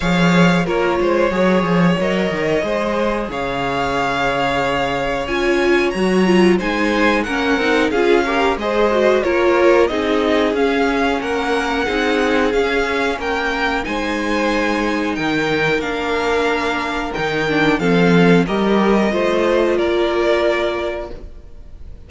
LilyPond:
<<
  \new Staff \with { instrumentName = "violin" } { \time 4/4 \tempo 4 = 91 f''4 cis''2 dis''4~ | dis''4 f''2. | gis''4 ais''4 gis''4 fis''4 | f''4 dis''4 cis''4 dis''4 |
f''4 fis''2 f''4 | g''4 gis''2 g''4 | f''2 g''4 f''4 | dis''2 d''2 | }
  \new Staff \with { instrumentName = "violin" } { \time 4/4 cis''4 ais'8 c''8 cis''2 | c''4 cis''2.~ | cis''2 c''4 ais'4 | gis'8 ais'8 c''4 ais'4 gis'4~ |
gis'4 ais'4 gis'2 | ais'4 c''2 ais'4~ | ais'2. a'4 | ais'4 c''4 ais'2 | }
  \new Staff \with { instrumentName = "viola" } { \time 4/4 gis'4 f'4 gis'4 ais'4 | gis'1 | f'4 fis'8 f'8 dis'4 cis'8 dis'8 | f'8 g'8 gis'8 fis'8 f'4 dis'4 |
cis'2 dis'4 cis'4~ | cis'4 dis'2. | d'2 dis'8 d'8 c'4 | g'4 f'2. | }
  \new Staff \with { instrumentName = "cello" } { \time 4/4 f4 ais8 gis8 fis8 f8 fis8 dis8 | gis4 cis2. | cis'4 fis4 gis4 ais8 c'8 | cis'4 gis4 ais4 c'4 |
cis'4 ais4 c'4 cis'4 | ais4 gis2 dis4 | ais2 dis4 f4 | g4 a4 ais2 | }
>>